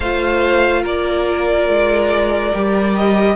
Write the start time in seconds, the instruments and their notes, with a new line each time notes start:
0.00 cello A3, viola F4, violin C5 F5
0.82 cello A#3, violin A#4 D5
1.68 cello G#3
2.53 cello G3, viola G4
2.95 violin D#5